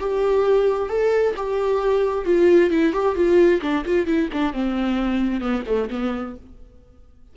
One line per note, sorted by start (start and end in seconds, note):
0.00 0.89 G4
0.89 1.35 A4
1.36 2.25 G4
2.25 2.70 F4
2.70 2.93 E4
2.93 3.15 G4
3.15 3.61 F4
3.62 3.85 D4
3.85 4.06 F4
4.06 4.29 E4
4.33 4.53 D4
4.53 5.41 C4
5.41 5.63 B3
5.67 5.89 A3
5.90 6.35 B3